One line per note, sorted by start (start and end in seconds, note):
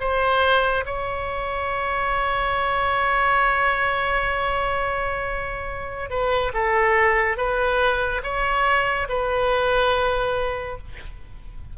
0.00 0.85 C5
0.86 6.10 C#5
6.10 6.52 B4
6.54 7.37 A4
7.37 8.22 B4
8.23 9.08 C#5
9.09 10.78 B4